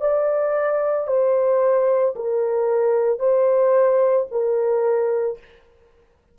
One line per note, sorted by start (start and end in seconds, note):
0.00 1.07 D5
1.07 2.14 C5
2.15 3.19 A#4
3.19 4.26 C5
4.31 5.38 A#4